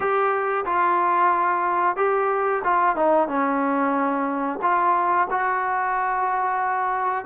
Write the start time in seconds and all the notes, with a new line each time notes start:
0.00 G4
0.65 F4
1.96 G4
2.63 F4
2.96 D#4
3.28 C#4
4.62 F4
5.30 F#4